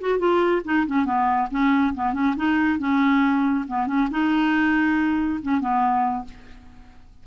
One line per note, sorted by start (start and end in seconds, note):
0.00 0.18 F#4
0.18 0.62 F4
0.64 0.86 D#4
0.87 1.05 C#4
1.05 1.48 B3
1.50 1.94 C#4
1.94 2.13 B3
2.13 2.34 C#4
2.36 2.78 D#4
2.78 3.65 C#4
3.67 3.86 B3
3.86 4.08 C#4
4.10 5.40 D#4
5.42 5.60 C#4
5.60 6.25 B3